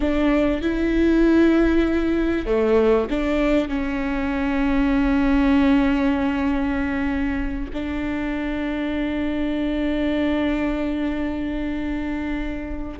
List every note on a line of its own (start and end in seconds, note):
0.00 0.61 D4
0.61 2.46 E4
2.46 3.08 A3
3.10 3.68 D4
3.68 7.70 C#4
7.73 12.99 D4